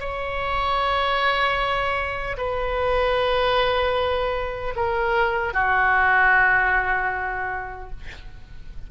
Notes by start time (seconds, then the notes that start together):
0.00 C#5
2.37 B4
4.76 A#4
5.53 F#4